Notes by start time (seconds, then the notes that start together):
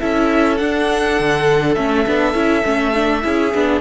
0.00 C#4 E4 A4 E5
0.57 D4 F#5
1.20 D3
1.75 A3 C#4 E5
2.06 B3 D4
2.34 C#4 E4
2.65 A3 C#4
2.95 D4
3.22 C#4 E4 G#4
3.55 B3 D4